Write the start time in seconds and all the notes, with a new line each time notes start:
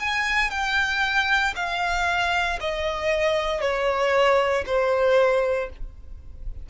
0.00 G#5
0.51 G5
1.56 F5
2.61 D#5
3.61 C#5
4.66 C5